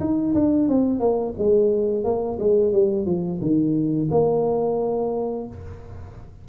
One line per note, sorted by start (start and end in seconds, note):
0.00 0.34 D#4
0.35 0.69 D4
0.69 1.00 C4
1.00 1.34 A#3
1.38 2.04 G#3
2.04 2.38 A#3
2.40 2.72 G#3
2.72 3.06 G3
3.06 3.40 F3
3.41 4.09 D#3
4.11 5.48 A#3